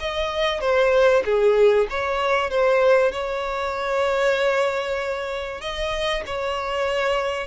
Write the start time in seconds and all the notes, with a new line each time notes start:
0.00 D#5
0.61 C5
1.25 G#4
1.90 C#5
2.50 C5
3.12 C#5
5.61 D#5
6.26 C#5